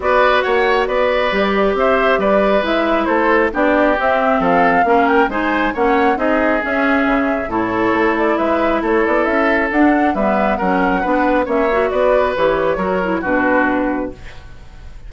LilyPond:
<<
  \new Staff \with { instrumentName = "flute" } { \time 4/4 \tempo 4 = 136 d''4 fis''4 d''2 | e''4 d''4 e''4 c''4 | d''4 e''4 f''4. g''8 | gis''4 fis''4 dis''4 e''4~ |
e''4 cis''4. d''8 e''4 | cis''8 d''8 e''4 fis''4 e''4 | fis''2 e''4 d''4 | cis''2 b'2 | }
  \new Staff \with { instrumentName = "oboe" } { \time 4/4 b'4 cis''4 b'2 | c''4 b'2 a'4 | g'2 a'4 ais'4 | c''4 cis''4 gis'2~ |
gis'4 a'2 b'4 | a'2. b'4 | ais'4 b'4 cis''4 b'4~ | b'4 ais'4 fis'2 | }
  \new Staff \with { instrumentName = "clarinet" } { \time 4/4 fis'2. g'4~ | g'2 e'2 | d'4 c'2 cis'4 | dis'4 cis'4 dis'4 cis'4~ |
cis'4 e'2.~ | e'2 d'4 b4 | cis'4 d'4 cis'8 fis'4. | g'4 fis'8 e'8 d'2 | }
  \new Staff \with { instrumentName = "bassoon" } { \time 4/4 b4 ais4 b4 g4 | c'4 g4 gis4 a4 | b4 c'4 f4 ais4 | gis4 ais4 c'4 cis'4 |
cis4 a,4 a4 gis4 | a8 b8 cis'4 d'4 g4 | fis4 b4 ais4 b4 | e4 fis4 b,2 | }
>>